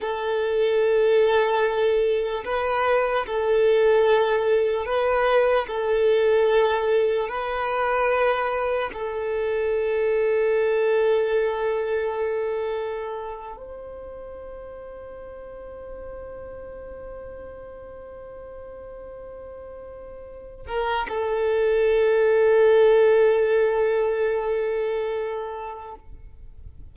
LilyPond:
\new Staff \with { instrumentName = "violin" } { \time 4/4 \tempo 4 = 74 a'2. b'4 | a'2 b'4 a'4~ | a'4 b'2 a'4~ | a'1~ |
a'8. c''2.~ c''16~ | c''1~ | c''4. ais'8 a'2~ | a'1 | }